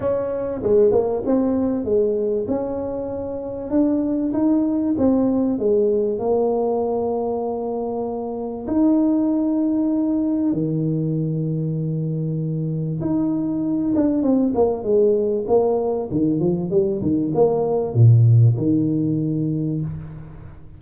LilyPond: \new Staff \with { instrumentName = "tuba" } { \time 4/4 \tempo 4 = 97 cis'4 gis8 ais8 c'4 gis4 | cis'2 d'4 dis'4 | c'4 gis4 ais2~ | ais2 dis'2~ |
dis'4 dis2.~ | dis4 dis'4. d'8 c'8 ais8 | gis4 ais4 dis8 f8 g8 dis8 | ais4 ais,4 dis2 | }